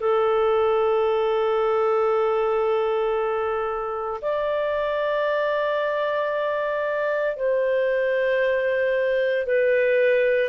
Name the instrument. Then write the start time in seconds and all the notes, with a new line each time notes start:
clarinet
0.00 A4
4.22 D5
7.36 C5
9.46 B4